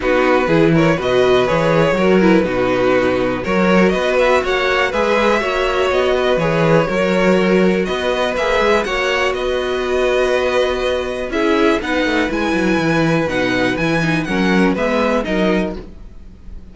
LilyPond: <<
  \new Staff \with { instrumentName = "violin" } { \time 4/4 \tempo 4 = 122 b'4. cis''8 dis''4 cis''4~ | cis''8 b'2~ b'8 cis''4 | dis''8 e''8 fis''4 e''2 | dis''4 cis''2. |
dis''4 e''4 fis''4 dis''4~ | dis''2. e''4 | fis''4 gis''2 fis''4 | gis''4 fis''4 e''4 dis''4 | }
  \new Staff \with { instrumentName = "violin" } { \time 4/4 fis'4 gis'8 ais'8 b'2 | ais'4 fis'2 ais'4 | b'4 cis''4 b'4 cis''4~ | cis''8 b'4. ais'2 |
b'2 cis''4 b'4~ | b'2. gis'4 | b'1~ | b'4 ais'4 b'4 ais'4 | }
  \new Staff \with { instrumentName = "viola" } { \time 4/4 dis'4 e'4 fis'4 gis'4 | fis'8 e'8 dis'2 fis'4~ | fis'2 gis'4 fis'4~ | fis'4 gis'4 fis'2~ |
fis'4 gis'4 fis'2~ | fis'2. e'4 | dis'4 e'2 dis'4 | e'8 dis'8 cis'4 b4 dis'4 | }
  \new Staff \with { instrumentName = "cello" } { \time 4/4 b4 e4 b,4 e4 | fis4 b,2 fis4 | b4 ais4 gis4 ais4 | b4 e4 fis2 |
b4 ais8 gis8 ais4 b4~ | b2. cis'4 | b8 a8 gis8 fis8 e4 b,4 | e4 fis4 gis4 fis4 | }
>>